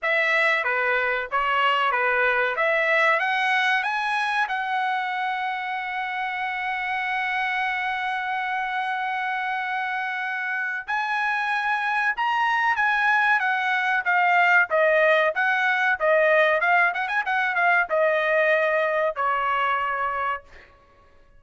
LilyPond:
\new Staff \with { instrumentName = "trumpet" } { \time 4/4 \tempo 4 = 94 e''4 b'4 cis''4 b'4 | e''4 fis''4 gis''4 fis''4~ | fis''1~ | fis''1~ |
fis''4 gis''2 ais''4 | gis''4 fis''4 f''4 dis''4 | fis''4 dis''4 f''8 fis''16 gis''16 fis''8 f''8 | dis''2 cis''2 | }